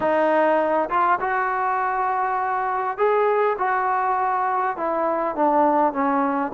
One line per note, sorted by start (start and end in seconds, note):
0.00 0.89 D#4
0.89 1.19 F4
1.20 2.97 F#4
2.97 3.56 G#4
3.58 4.76 F#4
4.76 5.35 E4
5.35 5.92 D4
5.92 6.52 C#4